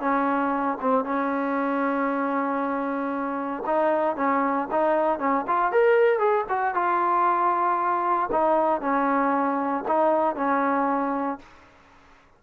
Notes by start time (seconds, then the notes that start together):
0.00 C#4
0.81 C4
1.05 C#4
3.66 D#4
4.16 C#4
4.71 D#4
5.19 C#4
5.47 F4
5.72 A#4
6.19 G#4
6.49 F#4
6.75 F4
8.32 D#4
8.81 C#4
9.88 D#4
10.36 C#4